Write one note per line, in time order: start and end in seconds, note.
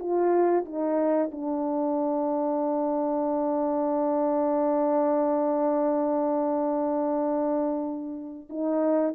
0.00 0.65 F4
0.66 1.31 D#4
1.32 8.49 D4
8.50 9.15 D#4